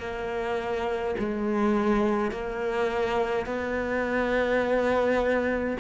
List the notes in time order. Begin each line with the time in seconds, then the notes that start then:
0.00 A#3
1.19 G#3
2.31 A#3
3.46 B3